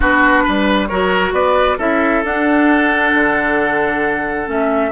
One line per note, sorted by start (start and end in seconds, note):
0.00 0.45 B3
0.00 0.89 D4
0.00 0.43 F#4
0.00 0.87 B4
0.43 0.90 G3
0.43 0.88 B4
0.87 1.32 F#3
0.87 1.79 F#4
0.87 1.33 A#4
0.87 1.32 C#5
1.32 1.77 B3
1.32 1.77 B4
1.32 1.78 D5
1.77 2.23 C#4
1.77 2.23 E4
1.77 4.91 A4
1.77 2.24 E5
2.23 3.13 D4
2.23 4.46 D4
2.23 4.49 F#5
3.14 4.47 D3
4.46 4.91 A3
4.46 4.91 C#4
4.46 4.91 E5